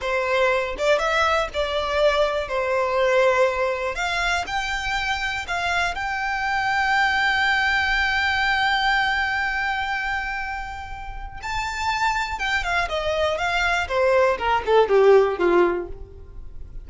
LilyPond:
\new Staff \with { instrumentName = "violin" } { \time 4/4 \tempo 4 = 121 c''4. d''8 e''4 d''4~ | d''4 c''2. | f''4 g''2 f''4 | g''1~ |
g''1~ | g''2. a''4~ | a''4 g''8 f''8 dis''4 f''4 | c''4 ais'8 a'8 g'4 f'4 | }